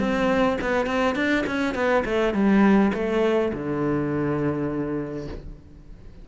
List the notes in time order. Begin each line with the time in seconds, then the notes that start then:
0.00 C4
0.61 B3
0.87 C4
1.16 D4
1.47 C#4
1.75 B3
2.05 A3
2.34 G3
2.94 A3
3.53 D3